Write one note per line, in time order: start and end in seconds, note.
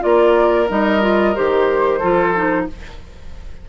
0.00 0.69 A#3
0.00 0.66 F4
0.00 1.99 A#4
0.00 0.68 D5
0.68 1.35 G3
0.68 1.01 D#4
0.68 1.35 D#5
1.01 1.34 F4
1.35 2.03 D#3
1.35 2.01 G4
1.35 2.67 C5
1.99 2.69 F3
1.99 2.34 F4
1.99 2.65 A4
2.34 2.67 D#4